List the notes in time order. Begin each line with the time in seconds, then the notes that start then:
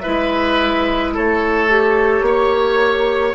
0.00 G#3 E4 B4 E5
1.13 A3 A4 C#5
1.69 G4
2.21 A#3 C#5